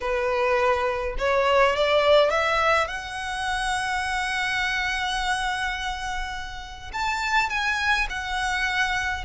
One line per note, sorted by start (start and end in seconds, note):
0.00 1.16 B4
1.18 1.75 C#5
1.75 2.30 D5
2.30 2.87 E5
2.87 6.91 F#5
6.93 7.49 A5
7.49 8.07 G#5
8.09 9.24 F#5